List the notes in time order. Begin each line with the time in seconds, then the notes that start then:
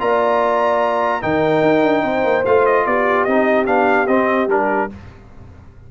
0.00 A#3 F4 D5 A#5
1.22 D#3 D#4 A#4 G5
1.62 D#4
1.83 D4
2.04 C4 C5
2.24 A#3
2.46 A3 F4 F5
2.66 D#5
2.86 B3 G4 D5
3.25 C4 D#4 D#5
3.67 B3 D4 F5
4.07 C4 D#5
4.48 G3 D4 A#4